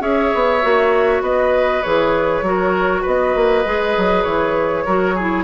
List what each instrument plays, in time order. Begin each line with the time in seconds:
0.00 bassoon C#4, clarinet G#4, oboe C#5, flute E5
0.34 bassoon B3
0.62 bassoon A#3, clarinet F#4
1.21 bassoon B3, oboe B4, flute D#5
1.82 bassoon E3, clarinet G#4, flute C#5
2.42 bassoon F#3, clarinet F#4, oboe A#4
3.02 bassoon B3, oboe B4, flute D#5
3.35 bassoon A#3
3.65 bassoon G#3, clarinet G#4
3.97 bassoon F#3
4.23 bassoon E3, flute C#5
4.85 bassoon F#3, clarinet F#4, oboe A#4
5.15 clarinet E4, oboe G#4